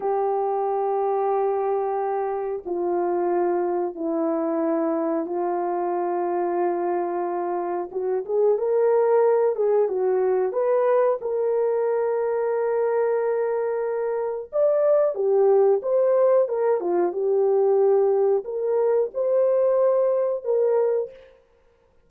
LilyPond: \new Staff \with { instrumentName = "horn" } { \time 4/4 \tempo 4 = 91 g'1 | f'2 e'2 | f'1 | fis'8 gis'8 ais'4. gis'8 fis'4 |
b'4 ais'2.~ | ais'2 d''4 g'4 | c''4 ais'8 f'8 g'2 | ais'4 c''2 ais'4 | }